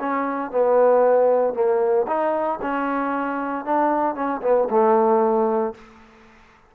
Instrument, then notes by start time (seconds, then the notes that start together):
trombone
0.00 C#4
0.51 B3
1.54 A#3
2.08 D#4
2.63 C#4
3.65 D4
4.15 C#4
4.43 B3
4.70 A3